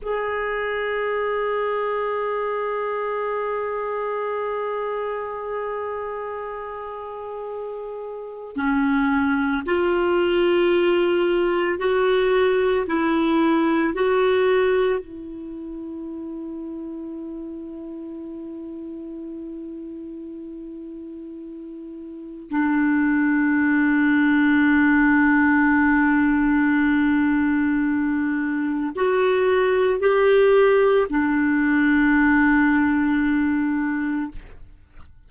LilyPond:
\new Staff \with { instrumentName = "clarinet" } { \time 4/4 \tempo 4 = 56 gis'1~ | gis'1 | cis'4 f'2 fis'4 | e'4 fis'4 e'2~ |
e'1~ | e'4 d'2.~ | d'2. fis'4 | g'4 d'2. | }